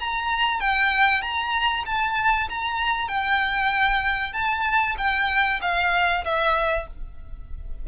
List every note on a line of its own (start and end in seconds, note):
0.00 0.60 A#5
0.60 1.22 G5
1.22 1.84 A#5
1.86 2.48 A5
2.49 3.08 A#5
3.08 4.33 G5
4.33 4.95 A5
4.98 5.60 G5
5.62 6.24 F5
6.25 6.87 E5